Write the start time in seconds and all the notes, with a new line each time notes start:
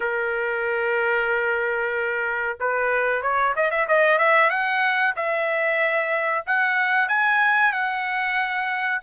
0.00 A#4
2.60 B4
3.21 C#5
3.55 D#5
3.70 E5
3.87 D#5
4.18 E5
4.50 F#5
5.16 E5
6.46 F#5
7.08 G#5
7.72 F#5